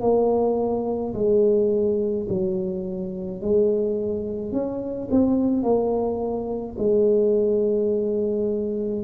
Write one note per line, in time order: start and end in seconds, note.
0.00 1.13 A#3
1.14 2.27 G#3
2.28 3.41 F#3
3.41 4.52 G#3
4.52 5.08 C#4
5.10 5.62 C4
5.62 6.76 A#3
6.78 9.04 G#3